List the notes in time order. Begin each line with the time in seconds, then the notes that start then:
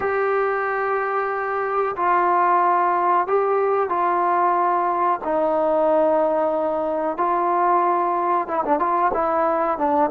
0.00 G4
1.96 F4
3.27 G4
3.89 F4
5.24 D#4
7.17 F4
8.47 E4
8.64 D4
8.79 F4
9.13 E4
9.77 D4